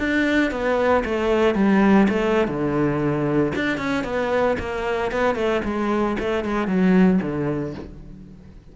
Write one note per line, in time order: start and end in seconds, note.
0.00 0.52 D4
0.52 1.04 B3
1.05 1.56 A3
1.56 2.08 G3
2.09 2.48 A3
2.48 3.53 D3
3.56 3.78 D4
3.78 4.04 C#4
4.05 4.57 B3
4.60 5.12 A#3
5.12 5.36 B3
5.36 5.62 A3
5.65 6.17 G#3
6.20 6.45 A3
6.45 6.68 G#3
6.68 7.20 F#3
7.22 7.75 D3